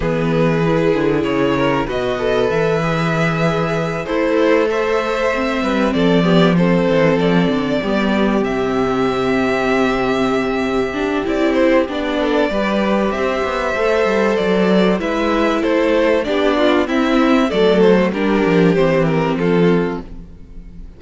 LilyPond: <<
  \new Staff \with { instrumentName = "violin" } { \time 4/4 \tempo 4 = 96 b'2 cis''4 dis''4 | e''2~ e''8 c''4 e''8~ | e''4. d''4 c''4 d''8~ | d''4. e''2~ e''8~ |
e''2 d''8 c''8 d''4~ | d''4 e''2 d''4 | e''4 c''4 d''4 e''4 | d''8 c''8 ais'4 c''8 ais'8 a'4 | }
  \new Staff \with { instrumentName = "violin" } { \time 4/4 gis'2~ gis'8 ais'8 b'4~ | b'2~ b'8 e'4 c''8~ | c''4 b'8 a'8 g'8 a'4.~ | a'8 g'2.~ g'8~ |
g'2.~ g'8 a'8 | b'4 c''2. | b'4 a'4 g'8 f'8 e'4 | a'4 g'2 f'4 | }
  \new Staff \with { instrumentName = "viola" } { \time 4/4 b4 e'2 fis'8 a'8~ | a'8 gis'2 a'4.~ | a'8 c'4. b8 c'4.~ | c'8 b4 c'2~ c'8~ |
c'4. d'8 e'4 d'4 | g'2 a'2 | e'2 d'4 c'4 | a4 d'4 c'2 | }
  \new Staff \with { instrumentName = "cello" } { \time 4/4 e4. d8 cis4 b,4 | e2~ e8 a4.~ | a4 g8 f4. e8 f8 | d8 g4 c2~ c8~ |
c2 c'4 b4 | g4 c'8 b8 a8 g8 fis4 | gis4 a4 b4 c'4 | fis4 g8 f8 e4 f4 | }
>>